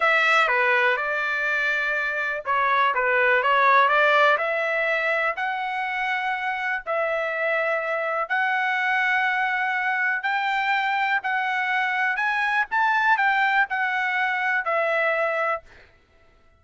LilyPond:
\new Staff \with { instrumentName = "trumpet" } { \time 4/4 \tempo 4 = 123 e''4 b'4 d''2~ | d''4 cis''4 b'4 cis''4 | d''4 e''2 fis''4~ | fis''2 e''2~ |
e''4 fis''2.~ | fis''4 g''2 fis''4~ | fis''4 gis''4 a''4 g''4 | fis''2 e''2 | }